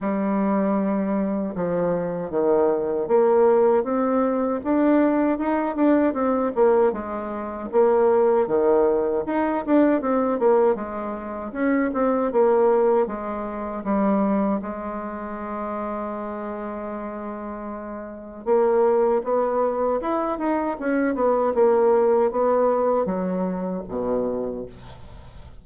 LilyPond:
\new Staff \with { instrumentName = "bassoon" } { \time 4/4 \tempo 4 = 78 g2 f4 dis4 | ais4 c'4 d'4 dis'8 d'8 | c'8 ais8 gis4 ais4 dis4 | dis'8 d'8 c'8 ais8 gis4 cis'8 c'8 |
ais4 gis4 g4 gis4~ | gis1 | ais4 b4 e'8 dis'8 cis'8 b8 | ais4 b4 fis4 b,4 | }